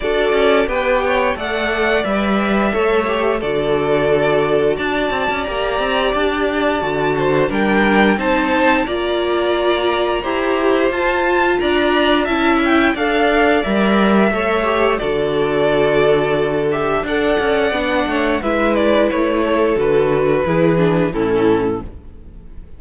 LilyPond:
<<
  \new Staff \with { instrumentName = "violin" } { \time 4/4 \tempo 4 = 88 d''4 g''4 fis''4 e''4~ | e''4 d''2 a''4 | ais''4 a''2 g''4 | a''4 ais''2. |
a''4 ais''4 a''8 g''8 f''4 | e''2 d''2~ | d''8 e''8 fis''2 e''8 d''8 | cis''4 b'2 a'4 | }
  \new Staff \with { instrumentName = "violin" } { \time 4/4 a'4 b'8 cis''8 d''2 | cis''4 a'2 d''4~ | d''2~ d''8 c''8 ais'4 | c''4 d''2 c''4~ |
c''4 d''4 e''4 d''4~ | d''4 cis''4 a'2~ | a'4 d''4. cis''8 b'4~ | b'8 a'4. gis'4 e'4 | }
  \new Staff \with { instrumentName = "viola" } { \time 4/4 fis'4 g'4 a'4 b'4 | a'8 g'8 fis'2. | g'2 fis'4 d'4 | dis'4 f'2 g'4 |
f'2 e'4 a'4 | ais'4 a'8 g'8 fis'2~ | fis'8 g'8 a'4 d'4 e'4~ | e'4 fis'4 e'8 d'8 cis'4 | }
  \new Staff \with { instrumentName = "cello" } { \time 4/4 d'8 cis'8 b4 a4 g4 | a4 d2 d'8 c'16 cis'16 | ais8 c'8 d'4 d4 g4 | c'4 ais2 e'4 |
f'4 d'4 cis'4 d'4 | g4 a4 d2~ | d4 d'8 cis'8 b8 a8 gis4 | a4 d4 e4 a,4 | }
>>